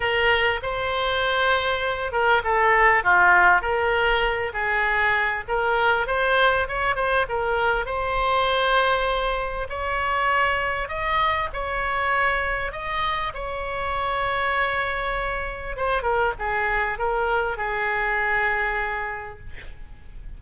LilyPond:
\new Staff \with { instrumentName = "oboe" } { \time 4/4 \tempo 4 = 99 ais'4 c''2~ c''8 ais'8 | a'4 f'4 ais'4. gis'8~ | gis'4 ais'4 c''4 cis''8 c''8 | ais'4 c''2. |
cis''2 dis''4 cis''4~ | cis''4 dis''4 cis''2~ | cis''2 c''8 ais'8 gis'4 | ais'4 gis'2. | }